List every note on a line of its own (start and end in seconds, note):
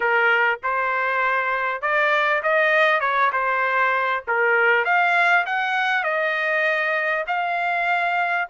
0.00 0.59 A#4
0.63 1.81 C5
1.81 2.42 D5
2.42 3.00 D#5
3.00 3.30 C#5
3.32 4.23 C5
4.27 4.84 A#4
4.84 5.45 F5
5.45 6.03 F#5
6.03 7.24 D#5
7.27 8.48 F5